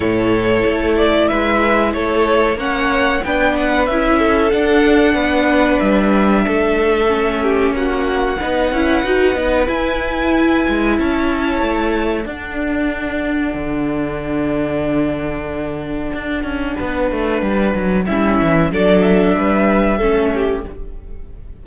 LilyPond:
<<
  \new Staff \with { instrumentName = "violin" } { \time 4/4 \tempo 4 = 93 cis''4. d''8 e''4 cis''4 | fis''4 g''8 fis''8 e''4 fis''4~ | fis''4 e''2. | fis''2. gis''4~ |
gis''4 a''2 fis''4~ | fis''1~ | fis''1 | e''4 d''8 e''2~ e''8 | }
  \new Staff \with { instrumentName = "violin" } { \time 4/4 a'2 b'4 a'4 | cis''4 b'4. a'4. | b'2 a'4. g'8 | fis'4 b'2.~ |
b'4 cis''2 a'4~ | a'1~ | a'2 b'2 | e'4 a'4 b'4 a'8 g'8 | }
  \new Staff \with { instrumentName = "viola" } { \time 4/4 e'1 | cis'4 d'4 e'4 d'4~ | d'2. cis'4~ | cis'4 dis'8 e'8 fis'8 dis'8 e'4~ |
e'2. d'4~ | d'1~ | d'1 | cis'4 d'2 cis'4 | }
  \new Staff \with { instrumentName = "cello" } { \time 4/4 a,4 a4 gis4 a4 | ais4 b4 cis'4 d'4 | b4 g4 a2 | ais4 b8 cis'8 dis'8 b8 e'4~ |
e'8 gis8 cis'4 a4 d'4~ | d'4 d2.~ | d4 d'8 cis'8 b8 a8 g8 fis8 | g8 e8 fis4 g4 a4 | }
>>